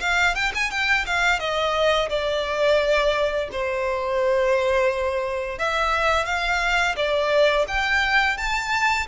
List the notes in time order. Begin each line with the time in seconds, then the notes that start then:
0.00 F5
0.35 G5
0.54 G#5
0.71 G5
1.06 F5
1.39 D#5
2.09 D5
3.52 C5
5.59 E5
6.25 F5
6.96 D5
7.68 G5
8.37 A5